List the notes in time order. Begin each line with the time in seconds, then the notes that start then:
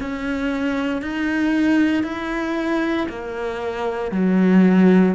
0.00 C#4
1.02 D#4
2.03 E4
3.09 A#3
4.11 F#3